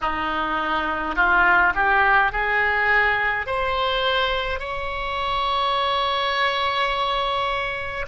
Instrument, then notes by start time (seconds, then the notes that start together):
oboe
0.01 D#4
1.15 F4
1.75 G4
2.32 G#4
3.46 C5
4.59 C#5